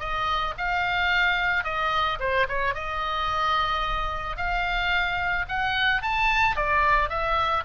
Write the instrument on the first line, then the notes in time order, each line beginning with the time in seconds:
oboe
0.00 D#5
0.58 F5
1.64 D#5
2.20 C5
2.48 C#5
2.75 D#5
4.37 F5
5.48 F#5
6.02 A5
6.57 D5
7.10 E5